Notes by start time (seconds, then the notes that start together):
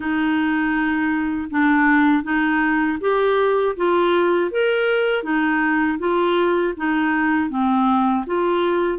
0.00 D#4
1.50 D4
2.23 D#4
3.00 G4
3.76 F4
4.51 A#4
5.23 D#4
5.98 F4
6.77 D#4
7.49 C4
8.26 F4